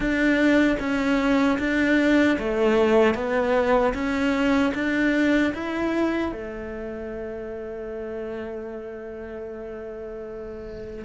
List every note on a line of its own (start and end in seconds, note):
0.00 0.77 D4
0.79 1.58 C#4
1.59 2.38 D4
2.38 3.14 A3
3.14 3.93 B3
3.94 4.73 C#4
4.74 5.53 D4
5.53 6.32 E4
6.32 11.04 A3